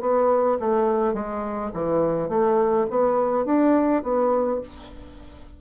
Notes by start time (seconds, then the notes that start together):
0.00 B3
0.59 A3
1.13 G#3
1.73 E3
2.29 A3
2.90 B3
3.45 D4
4.03 B3